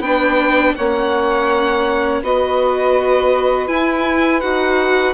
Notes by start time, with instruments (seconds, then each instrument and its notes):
0.00 bassoon B3, viola D4, saxophone B4, violin G5
0.75 bassoon A#3, viola C#4, saxophone C#5, violin F#5
2.22 bassoon B3, viola F#4, saxophone B4, violin D#5
3.68 viola E4, bassoon E4, violin G#5
4.41 bassoon D#4, viola F#4, violin F#5